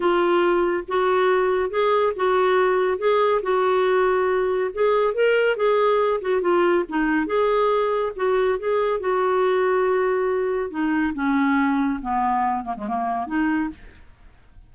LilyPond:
\new Staff \with { instrumentName = "clarinet" } { \time 4/4 \tempo 4 = 140 f'2 fis'2 | gis'4 fis'2 gis'4 | fis'2. gis'4 | ais'4 gis'4. fis'8 f'4 |
dis'4 gis'2 fis'4 | gis'4 fis'2.~ | fis'4 dis'4 cis'2 | b4. ais16 gis16 ais4 dis'4 | }